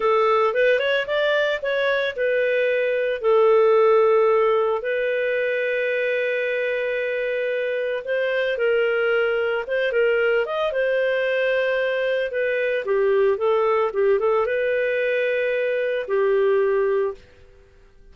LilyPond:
\new Staff \with { instrumentName = "clarinet" } { \time 4/4 \tempo 4 = 112 a'4 b'8 cis''8 d''4 cis''4 | b'2 a'2~ | a'4 b'2.~ | b'2. c''4 |
ais'2 c''8 ais'4 dis''8 | c''2. b'4 | g'4 a'4 g'8 a'8 b'4~ | b'2 g'2 | }